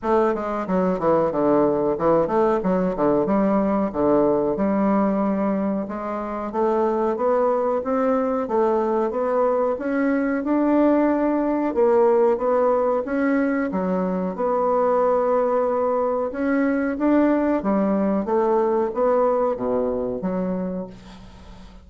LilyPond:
\new Staff \with { instrumentName = "bassoon" } { \time 4/4 \tempo 4 = 92 a8 gis8 fis8 e8 d4 e8 a8 | fis8 d8 g4 d4 g4~ | g4 gis4 a4 b4 | c'4 a4 b4 cis'4 |
d'2 ais4 b4 | cis'4 fis4 b2~ | b4 cis'4 d'4 g4 | a4 b4 b,4 fis4 | }